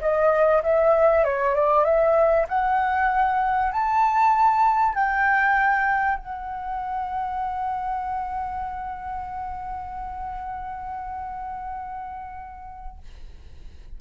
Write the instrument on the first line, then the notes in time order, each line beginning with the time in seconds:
flute
0.00 D#5
0.63 E5
1.24 C#5
1.55 D5
1.84 E5
2.48 F#5
3.71 A5
4.94 G5
6.17 F#5